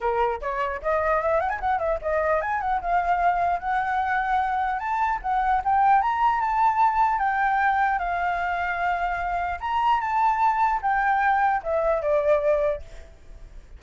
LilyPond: \new Staff \with { instrumentName = "flute" } { \time 4/4 \tempo 4 = 150 ais'4 cis''4 dis''4 e''8 fis''16 gis''16 | fis''8 e''8 dis''4 gis''8 fis''8 f''4~ | f''4 fis''2. | a''4 fis''4 g''4 ais''4 |
a''2 g''2 | f''1 | ais''4 a''2 g''4~ | g''4 e''4 d''2 | }